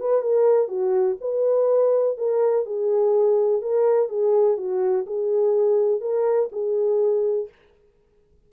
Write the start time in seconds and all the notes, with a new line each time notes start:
0.00 B4
0.22 A#4
0.68 F#4
1.21 B4
2.18 A#4
2.65 G#4
3.62 A#4
4.09 G#4
4.57 F#4
5.06 G#4
6.01 A#4
6.52 G#4